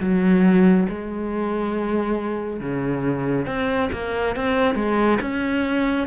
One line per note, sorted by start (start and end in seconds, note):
0.00 0.87 F#3
0.89 2.60 G#3
2.60 3.46 C#3
3.46 3.90 C4
3.92 4.36 A#3
4.36 4.75 C4
4.75 5.18 G#3
5.21 6.07 C#4